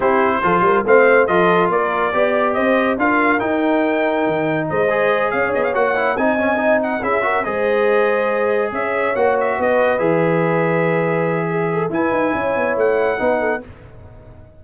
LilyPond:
<<
  \new Staff \with { instrumentName = "trumpet" } { \time 4/4 \tempo 4 = 141 c''2 f''4 dis''4 | d''2 dis''4 f''4 | g''2. dis''4~ | dis''8 f''8 dis''16 f''16 fis''4 gis''4. |
fis''8 e''4 dis''2~ dis''8~ | dis''8 e''4 fis''8 e''8 dis''4 e''8~ | e''1 | gis''2 fis''2 | }
  \new Staff \with { instrumentName = "horn" } { \time 4/4 g'4 a'8 ais'8 c''4 a'4 | ais'4 d''4 c''4 ais'4~ | ais'2. c''4~ | c''8 cis''2 dis''4.~ |
dis''8 gis'8 ais'8 c''2~ c''8~ | c''8 cis''2 b'4.~ | b'2. gis'8 a'8 | b'4 cis''2 b'8 a'8 | }
  \new Staff \with { instrumentName = "trombone" } { \time 4/4 e'4 f'4 c'4 f'4~ | f'4 g'2 f'4 | dis'2.~ dis'8 gis'8~ | gis'4. fis'8 e'8 dis'8 cis'8 dis'8~ |
dis'8 e'8 fis'8 gis'2~ gis'8~ | gis'4. fis'2 gis'8~ | gis'1 | e'2. dis'4 | }
  \new Staff \with { instrumentName = "tuba" } { \time 4/4 c'4 f8 g8 a4 f4 | ais4 b4 c'4 d'4 | dis'2 dis4 gis4~ | gis8 cis'8 b8 ais4 c'4.~ |
c'8 cis'4 gis2~ gis8~ | gis8 cis'4 ais4 b4 e8~ | e1 | e'8 dis'8 cis'8 b8 a4 b4 | }
>>